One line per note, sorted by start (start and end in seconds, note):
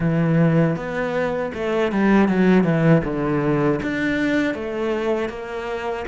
0.00 0.76 E3
0.76 1.52 B3
1.54 1.92 A3
1.92 2.28 G3
2.28 2.64 F#3
2.64 3.02 E3
3.04 3.80 D3
3.82 4.54 D4
4.54 5.29 A3
5.29 6.05 A#3